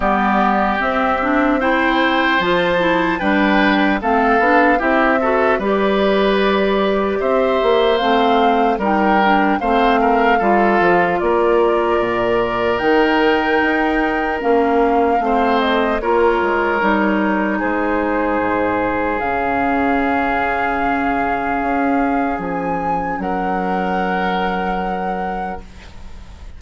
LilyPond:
<<
  \new Staff \with { instrumentName = "flute" } { \time 4/4 \tempo 4 = 75 d''4 e''4 g''4 a''4 | g''4 f''4 e''4 d''4~ | d''4 e''4 f''4 g''4 | f''2 d''2 |
g''2 f''4. dis''8 | cis''2 c''2 | f''1 | gis''4 fis''2. | }
  \new Staff \with { instrumentName = "oboe" } { \time 4/4 g'2 c''2 | b'4 a'4 g'8 a'8 b'4~ | b'4 c''2 ais'4 | c''8 ais'8 a'4 ais'2~ |
ais'2. c''4 | ais'2 gis'2~ | gis'1~ | gis'4 ais'2. | }
  \new Staff \with { instrumentName = "clarinet" } { \time 4/4 b4 c'8 d'8 e'4 f'8 e'8 | d'4 c'8 d'8 e'8 fis'8 g'4~ | g'2 c'4 dis'8 d'8 | c'4 f'2. |
dis'2 cis'4 c'4 | f'4 dis'2. | cis'1~ | cis'1 | }
  \new Staff \with { instrumentName = "bassoon" } { \time 4/4 g4 c'2 f4 | g4 a8 b8 c'4 g4~ | g4 c'8 ais8 a4 g4 | a4 g8 f8 ais4 ais,4 |
dis4 dis'4 ais4 a4 | ais8 gis8 g4 gis4 gis,4 | cis2. cis'4 | f4 fis2. | }
>>